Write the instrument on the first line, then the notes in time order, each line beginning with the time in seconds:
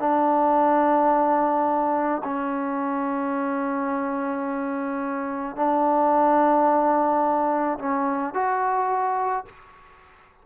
trombone
0.00 D4
2.24 C#4
5.56 D4
7.79 C#4
8.34 F#4